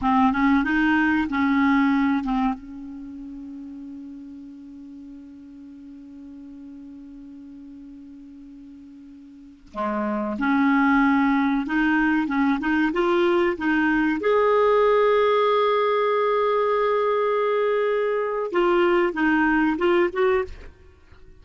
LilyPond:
\new Staff \with { instrumentName = "clarinet" } { \time 4/4 \tempo 4 = 94 c'8 cis'8 dis'4 cis'4. c'8 | cis'1~ | cis'1~ | cis'2.~ cis'16 gis8.~ |
gis16 cis'2 dis'4 cis'8 dis'16~ | dis'16 f'4 dis'4 gis'4.~ gis'16~ | gis'1~ | gis'4 f'4 dis'4 f'8 fis'8 | }